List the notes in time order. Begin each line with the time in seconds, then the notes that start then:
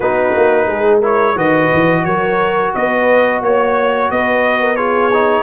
0.00 B3 D#4 F#4 B4
0.36 A#3
0.66 G#3 G#4
0.99 E4 A#4 C#5
1.35 D#3 F#4 B4 D#5
1.73 E3
2.04 F#3 A#4 C#5
2.74 B3 B4 D#5
3.41 A#3 C#5
4.10 B3 B4 D#5
4.60 A#4
4.75 F4 G#4 C#5
5.13 D#4